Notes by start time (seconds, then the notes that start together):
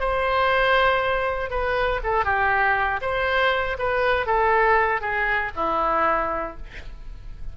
0.00 C5
1.50 B4
2.04 A4
2.25 G4
3.01 C5
3.79 B4
4.27 A4
5.01 G#4
5.56 E4